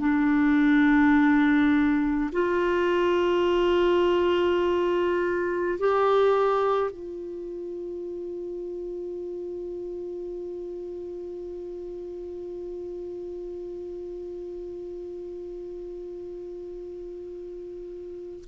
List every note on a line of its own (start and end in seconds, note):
0.00 2.31 D4
2.32 5.78 F4
5.79 6.91 G4
6.91 18.45 F4